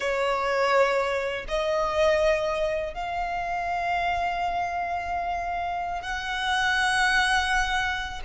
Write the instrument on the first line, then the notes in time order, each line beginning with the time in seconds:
violin
0.00 C#5
1.48 D#5
2.94 F5
6.01 F#5